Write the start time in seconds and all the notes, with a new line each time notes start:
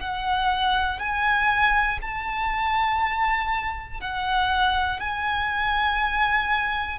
0.00 F#5
1.00 G#5
2.02 A5
4.00 F#5
5.00 G#5